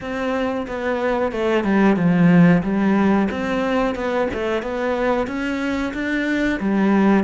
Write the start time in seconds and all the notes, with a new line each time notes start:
0.00 C4
0.67 B3
1.32 A3
1.64 G3
1.96 F3
2.62 G3
3.30 C4
3.95 B3
4.33 A3
4.62 B3
5.27 C#4
5.93 D4
6.59 G3